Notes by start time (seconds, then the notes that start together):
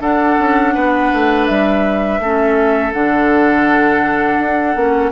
0.00 D4 A4 F#5
0.39 C#4
0.74 B3 B4
1.13 A3
1.46 G3 E5
2.20 A3 C#4 A4
2.93 D3 D4 F#5
4.39 D4
4.75 A#3 C#4